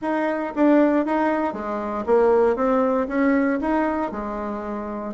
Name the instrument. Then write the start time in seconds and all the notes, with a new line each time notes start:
bassoon
0.01 D#4
0.55 D4
1.05 D#4
1.53 G#3
2.05 A#3
2.56 C4
3.08 C#4
3.60 D#4
4.11 G#3